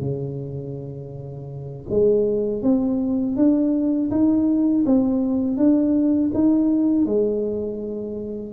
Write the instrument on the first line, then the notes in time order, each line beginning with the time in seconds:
tuba
0.00 C#3
1.89 G#3
2.62 C4
3.36 D4
4.10 D#4
4.86 C4
5.57 D4
6.33 D#4
7.05 G#3